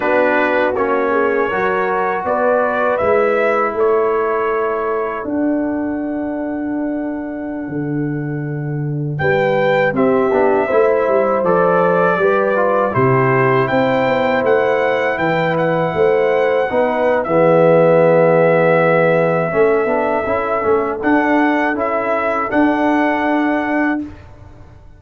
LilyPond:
<<
  \new Staff \with { instrumentName = "trumpet" } { \time 4/4 \tempo 4 = 80 b'4 cis''2 d''4 | e''4 cis''2 fis''4~ | fis''1~ | fis''16 g''4 e''2 d''8.~ |
d''4~ d''16 c''4 g''4 fis''8.~ | fis''16 g''8 fis''2~ fis''16 e''4~ | e''1 | fis''4 e''4 fis''2 | }
  \new Staff \with { instrumentName = "horn" } { \time 4/4 fis'4. gis'8 ais'4 b'4~ | b'4 a'2.~ | a'1~ | a'16 b'4 g'4 c''4.~ c''16~ |
c''16 b'4 g'4 c''4.~ c''16~ | c''16 b'4 c''4 b'8. gis'4~ | gis'2 a'2~ | a'1 | }
  \new Staff \with { instrumentName = "trombone" } { \time 4/4 d'4 cis'4 fis'2 | e'2. d'4~ | d'1~ | d'4~ d'16 c'8 d'8 e'4 a'8.~ |
a'16 g'8 f'8 e'2~ e'8.~ | e'2~ e'16 dis'8. b4~ | b2 cis'8 d'8 e'8 cis'8 | d'4 e'4 d'2 | }
  \new Staff \with { instrumentName = "tuba" } { \time 4/4 b4 ais4 fis4 b4 | gis4 a2 d'4~ | d'2~ d'16 d4.~ d16~ | d16 g4 c'8 b8 a8 g8 f8.~ |
f16 g4 c4 c'8 b8 a8.~ | a16 e4 a4 b8. e4~ | e2 a8 b8 cis'8 a8 | d'4 cis'4 d'2 | }
>>